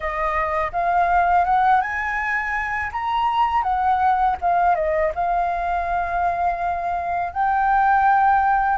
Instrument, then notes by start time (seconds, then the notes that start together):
flute
0.00 D#5
0.72 F5
1.44 F#5
1.81 G#5
2.92 A#5
3.62 F#5
4.41 F5
4.75 D#5
5.14 F5
7.32 G5